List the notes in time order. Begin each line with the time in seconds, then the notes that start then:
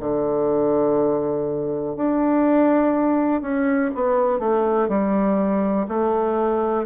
0.00 D3
1.97 D4
3.42 C#4
3.95 B3
4.40 A3
4.89 G3
5.89 A3